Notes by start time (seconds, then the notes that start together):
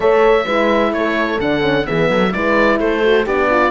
0.00 A3 A4 C#5 E5
0.45 G#3 E4 B4
0.92 A3 A4 C#5
1.39 D3 D4 F#5
1.61 C#4
1.85 E3 B3 G#4 E5
2.10 F#3 A4
2.32 G#3 E4 B4 D5
2.79 A3 A4 C5
3.03 F#4
3.24 B3 D4 G4 D5
3.49 F4